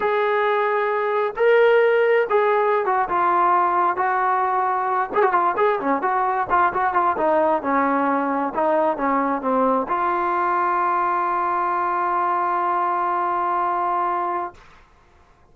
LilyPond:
\new Staff \with { instrumentName = "trombone" } { \time 4/4 \tempo 4 = 132 gis'2. ais'4~ | ais'4 gis'4~ gis'16 fis'8 f'4~ f'16~ | f'8. fis'2~ fis'8 gis'16 fis'16 f'16~ | f'16 gis'8 cis'8 fis'4 f'8 fis'8 f'8 dis'16~ |
dis'8. cis'2 dis'4 cis'16~ | cis'8. c'4 f'2~ f'16~ | f'1~ | f'1 | }